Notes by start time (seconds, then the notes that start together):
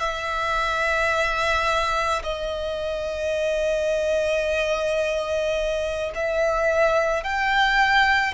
0.00 E5
2.23 D#5
6.15 E5
7.23 G5